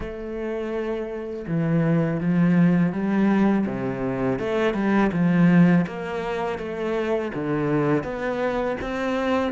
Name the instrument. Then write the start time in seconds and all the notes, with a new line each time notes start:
cello
0.00 A3
1.47 E3
2.20 F3
2.92 G3
3.66 C3
4.39 A3
4.74 G3
5.12 F3
5.87 A#3
6.58 A3
7.34 D3
8.03 B3
8.81 C4